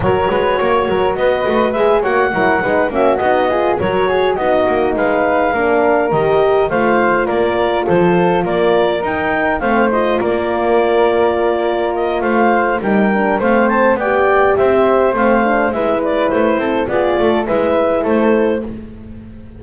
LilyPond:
<<
  \new Staff \with { instrumentName = "clarinet" } { \time 4/4 \tempo 4 = 103 cis''2 dis''4 e''8 fis''8~ | fis''4 e''8 dis''4 cis''4 dis''8~ | dis''8 f''2 dis''4 f''8~ | f''8 d''4 c''4 d''4 g''8~ |
g''8 f''8 dis''8 d''2~ d''8~ | d''8 dis''8 f''4 g''4 f''8 a''8 | g''4 e''4 f''4 e''8 d''8 | c''4 d''4 e''4 c''4 | }
  \new Staff \with { instrumentName = "flute" } { \time 4/4 ais'8 b'8 cis''8 ais'8 b'4. cis''8 | ais'8 b'8 fis'4 gis'8 ais'8 gis'8 fis'8~ | fis'8 b'4 ais'2 c''8~ | c''8 ais'4 a'4 ais'4.~ |
ais'8 c''4 ais'2~ ais'8~ | ais'4 c''4 ais'4 c''4 | d''4 c''2 b'4~ | b'8 a'8 gis'8 a'8 b'4 a'4 | }
  \new Staff \with { instrumentName = "horn" } { \time 4/4 fis'2. gis'8 fis'8 | e'8 dis'8 cis'8 dis'8 f'8 fis'4 dis'8~ | dis'4. d'4 g'4 f'8~ | f'2.~ f'8 dis'8~ |
dis'8 c'8 f'2.~ | f'2 dis'8 d'8 c'4 | g'2 c'8 d'8 e'4~ | e'4 f'4 e'2 | }
  \new Staff \with { instrumentName = "double bass" } { \time 4/4 fis8 gis8 ais8 fis8 b8 a8 gis8 ais8 | fis8 gis8 ais8 b4 fis4 b8 | ais8 gis4 ais4 dis4 a8~ | a8 ais4 f4 ais4 dis'8~ |
dis'8 a4 ais2~ ais8~ | ais4 a4 g4 a4 | b4 c'4 a4 gis4 | a8 c'8 b8 a8 gis4 a4 | }
>>